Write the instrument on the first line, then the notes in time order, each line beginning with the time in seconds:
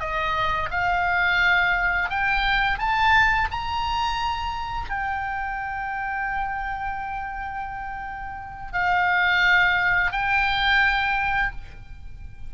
oboe
0.00 D#5
0.71 F5
2.10 G5
2.79 A5
3.52 A#5
4.90 G5
8.73 F5
10.13 G5